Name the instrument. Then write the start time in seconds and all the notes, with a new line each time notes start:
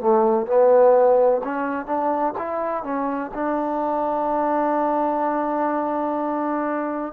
trombone
0.00 A3
0.46 B3
1.44 C#4
1.86 D4
2.38 E4
2.84 C#4
3.34 D4